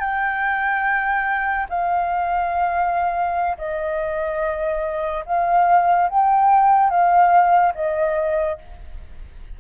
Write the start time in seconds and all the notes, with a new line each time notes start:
0.00 G5
1.70 F5
3.58 D#5
5.26 F5
6.09 G5
6.90 F5
7.75 D#5